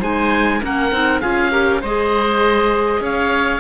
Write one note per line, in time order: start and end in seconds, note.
0.00 0.62 G#3
0.00 0.61 D#4
0.00 0.60 C5
0.00 0.63 G#5
0.62 0.92 A#3
0.62 0.92 C#4
0.62 1.22 A#4
0.62 1.21 F#5
0.92 1.22 C4
0.92 1.22 D#4
1.21 1.83 C#4
1.21 1.51 F4
1.21 1.52 G#4
1.21 1.81 F5
1.51 1.81 G4
1.51 1.81 A#4
1.81 3.01 G#3
1.81 3.60 G#4
1.81 3.01 C5
1.81 3.04 D#5
3.01 3.60 C#4
3.01 3.60 C#5
3.01 3.60 F5